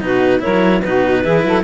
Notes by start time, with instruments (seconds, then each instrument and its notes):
0.00 cello B2 D#4, saxophone F#4, clarinet B4
0.39 cello E4, saxophone A#4, clarinet C#5
0.46 cello F#3
0.82 cello B2 D#4, saxophone F#4, clarinet B4
1.24 cello E3 E4, saxophone G#4
1.43 cello F#3, saxophone A4